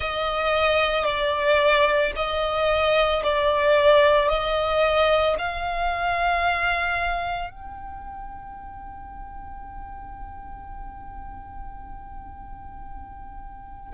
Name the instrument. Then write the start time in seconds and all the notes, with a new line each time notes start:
violin
0.00 D#5
1.05 D5
2.15 D#5
3.23 D5
4.29 D#5
5.38 F5
7.50 G5